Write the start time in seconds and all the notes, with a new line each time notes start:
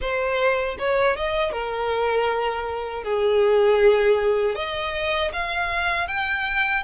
0.01 C5
0.78 C#5
1.16 D#5
1.52 A#4
3.03 G#4
4.55 D#5
5.32 F5
6.07 G5